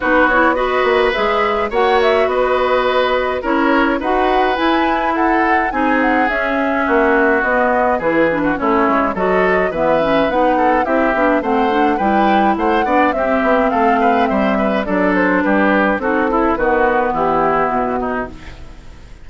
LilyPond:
<<
  \new Staff \with { instrumentName = "flute" } { \time 4/4 \tempo 4 = 105 b'8 cis''8 dis''4 e''4 fis''8 e''8 | dis''2 cis''4 fis''4 | gis''4 fis''4 gis''8 fis''8 e''4~ | e''4 dis''4 b'4 cis''4 |
dis''4 e''4 fis''4 e''4 | fis''4 g''4 fis''4 e''4 | f''4 e''4 d''8 c''8 b'4 | a'4 b'4 g'4 fis'4 | }
  \new Staff \with { instrumentName = "oboe" } { \time 4/4 fis'4 b'2 cis''4 | b'2 ais'4 b'4~ | b'4 a'4 gis'2 | fis'2 gis'8. fis'16 e'4 |
a'4 b'4. a'8 g'4 | c''4 b'4 c''8 d''8 g'4 | a'8 b'8 c''8 b'8 a'4 g'4 | fis'8 e'8 fis'4 e'4. dis'8 | }
  \new Staff \with { instrumentName = "clarinet" } { \time 4/4 dis'8 e'8 fis'4 gis'4 fis'4~ | fis'2 e'4 fis'4 | e'2 dis'4 cis'4~ | cis'4 b4 e'8 d'8 cis'4 |
fis'4 b8 cis'8 dis'4 e'8 d'8 | c'8 d'8 e'4. d'8 c'4~ | c'2 d'2 | dis'8 e'8 b2. | }
  \new Staff \with { instrumentName = "bassoon" } { \time 4/4 b4. ais8 gis4 ais4 | b2 cis'4 dis'4 | e'2 c'4 cis'4 | ais4 b4 e4 a8 gis8 |
fis4 e4 b4 c'8 b8 | a4 g4 a8 b8 c'8 b8 | a4 g4 fis4 g4 | c'4 dis4 e4 b,4 | }
>>